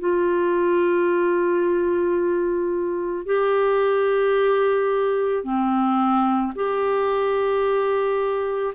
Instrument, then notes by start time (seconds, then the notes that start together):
clarinet
0.00 F4
3.26 G4
5.44 C4
6.56 G4